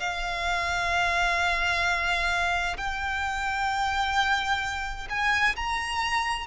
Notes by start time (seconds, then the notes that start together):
0.00 F5
2.78 G5
5.10 G#5
5.56 A#5